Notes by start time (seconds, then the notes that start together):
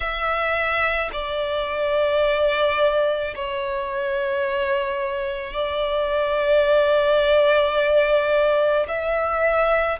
0.00 E5
1.12 D5
3.35 C#5
5.53 D5
8.88 E5